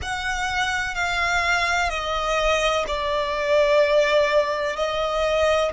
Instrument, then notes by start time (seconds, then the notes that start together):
violin
0.02 F#5
0.94 F5
1.89 D#5
2.87 D5
4.76 D#5